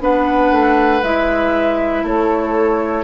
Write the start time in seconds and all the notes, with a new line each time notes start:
0.00 B3 D4 B4 F#5
0.51 A3
1.02 G#3 E4 E5
2.03 A3 A4 C#5